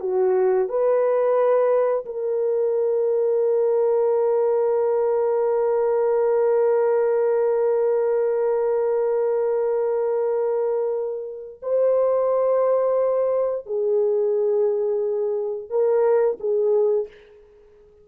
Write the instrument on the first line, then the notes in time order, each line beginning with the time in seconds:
horn
0.00 F#4
0.68 B4
2.05 A#4
11.62 C5
13.66 G#4
15.69 A#4
16.39 G#4